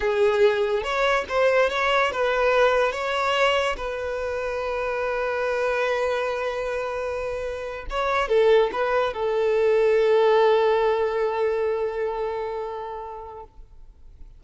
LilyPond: \new Staff \with { instrumentName = "violin" } { \time 4/4 \tempo 4 = 143 gis'2 cis''4 c''4 | cis''4 b'2 cis''4~ | cis''4 b'2.~ | b'1~ |
b'2~ b'8. cis''4 a'16~ | a'8. b'4 a'2~ a'16~ | a'1~ | a'1 | }